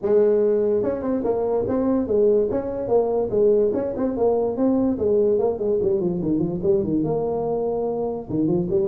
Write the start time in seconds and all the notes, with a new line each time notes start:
0.02 G#3
0.83 C#4
1.02 C4
1.23 A#3
1.67 C4
2.07 G#3
2.50 C#4
2.88 A#3
3.30 G#3
3.73 C#4
3.96 C4
4.16 A#3
4.56 C4
4.98 G#3
5.38 A#3
5.58 G#3
5.81 G3
6.00 F3
6.22 D#3
6.39 F3
6.62 G3
6.83 D#3
7.04 A#3
8.29 D#3
8.47 F3
8.70 G3